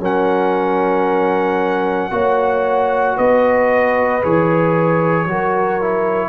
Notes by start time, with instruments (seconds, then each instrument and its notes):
0.00 tuba F#3, trombone C#4, horn A#4, trumpet F#5
2.11 tuba A#3, trombone F#4, horn C#5
3.17 tuba B3, horn B4, trumpet D#5
4.22 tuba E3, trombone G#4, trumpet C#5
5.26 tuba F#3, trombone F#4, horn A#4
5.81 trombone E4